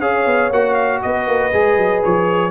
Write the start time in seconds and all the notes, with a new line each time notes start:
0.00 C#4 G#4 C#5 F5
0.26 B3
0.51 A#3 F#4 F#5
0.74 F5
1.02 B3 B4 D#5
1.28 A#3
1.53 G#3 G#4
1.78 F#3
2.04 F3 C#5